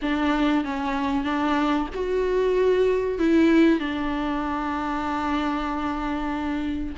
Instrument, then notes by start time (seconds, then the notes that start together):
viola
0.02 D4
0.64 C#4
1.24 D4
1.94 F#4
3.19 E4
3.79 D4